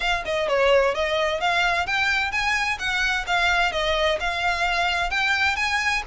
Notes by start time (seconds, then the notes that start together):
0.00 F5
0.25 D#5
0.48 C#5
0.94 D#5
1.40 F5
1.86 G5
2.31 G#5
2.78 F#5
3.26 F5
3.72 D#5
4.19 F5
5.10 G5
5.56 G#5